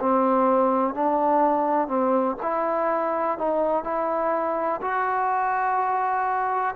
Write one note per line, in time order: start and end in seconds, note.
0.00 0.95 C4
0.95 1.88 D4
1.88 2.37 C4
2.43 3.39 E4
3.39 3.84 D#4
3.84 4.81 E4
4.82 6.76 F#4